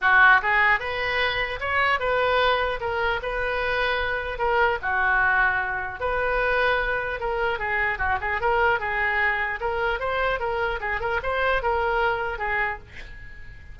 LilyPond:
\new Staff \with { instrumentName = "oboe" } { \time 4/4 \tempo 4 = 150 fis'4 gis'4 b'2 | cis''4 b'2 ais'4 | b'2. ais'4 | fis'2. b'4~ |
b'2 ais'4 gis'4 | fis'8 gis'8 ais'4 gis'2 | ais'4 c''4 ais'4 gis'8 ais'8 | c''4 ais'2 gis'4 | }